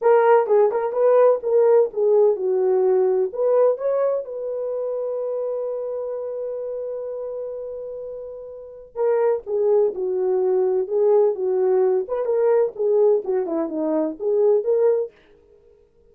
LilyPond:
\new Staff \with { instrumentName = "horn" } { \time 4/4 \tempo 4 = 127 ais'4 gis'8 ais'8 b'4 ais'4 | gis'4 fis'2 b'4 | cis''4 b'2.~ | b'1~ |
b'2. ais'4 | gis'4 fis'2 gis'4 | fis'4. b'8 ais'4 gis'4 | fis'8 e'8 dis'4 gis'4 ais'4 | }